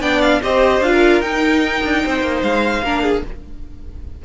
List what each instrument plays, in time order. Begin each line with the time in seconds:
0.00 cello B3, viola D4, violin D5 G5
0.21 violin F5
0.42 cello C4, viola G4, violin C5 D#5
0.80 cello D4, viola F4, violin F5
0.91 violin A#4
1.21 cello D#4, viola D#4, violin G5
1.83 cello D4
2.04 cello C4, violin C5
2.21 cello A#3
2.42 cello G#3, violin F5
2.82 cello A#3, viola D4, violin A#4
3.02 violin G#4